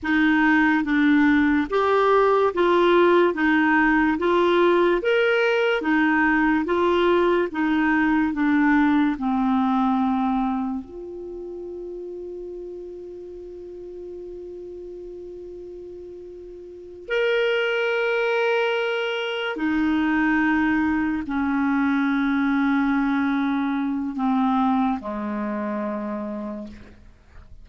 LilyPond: \new Staff \with { instrumentName = "clarinet" } { \time 4/4 \tempo 4 = 72 dis'4 d'4 g'4 f'4 | dis'4 f'4 ais'4 dis'4 | f'4 dis'4 d'4 c'4~ | c'4 f'2.~ |
f'1~ | f'8 ais'2. dis'8~ | dis'4. cis'2~ cis'8~ | cis'4 c'4 gis2 | }